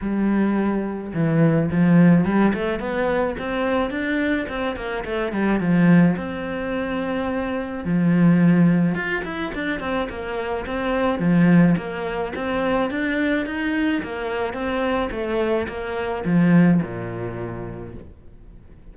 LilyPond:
\new Staff \with { instrumentName = "cello" } { \time 4/4 \tempo 4 = 107 g2 e4 f4 | g8 a8 b4 c'4 d'4 | c'8 ais8 a8 g8 f4 c'4~ | c'2 f2 |
f'8 e'8 d'8 c'8 ais4 c'4 | f4 ais4 c'4 d'4 | dis'4 ais4 c'4 a4 | ais4 f4 ais,2 | }